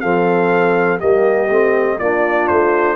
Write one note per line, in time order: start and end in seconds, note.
0.00 1.02 F3
0.00 0.99 C4
0.00 0.99 A4
0.00 0.98 F5
0.99 1.49 G3
0.99 1.48 A#3
0.99 1.97 G4
0.99 1.98 D#5
1.49 1.98 A3
1.49 2.00 C4
1.98 2.49 A#3
1.98 2.96 D4
1.98 2.96 F4
1.98 2.47 D5
2.47 2.96 A3
2.47 2.96 C5